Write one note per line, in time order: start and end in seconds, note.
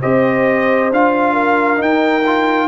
0.00 0.90 C4
0.00 0.91 G4
0.00 1.33 C5
0.00 0.91 D#5
0.90 1.80 D4
0.90 1.76 F4
0.90 1.82 F5
1.33 2.67 A#4
1.76 2.21 D#4
1.76 2.67 D#4
1.76 2.67 G5
2.26 2.67 F4